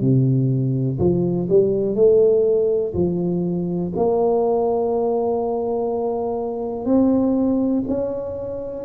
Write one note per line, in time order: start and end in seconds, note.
0.00 0.98 C3
0.98 1.48 F3
1.49 1.95 G3
1.95 2.93 A3
2.94 3.92 F3
3.96 6.85 A#3
6.85 7.83 C4
7.88 8.84 C#4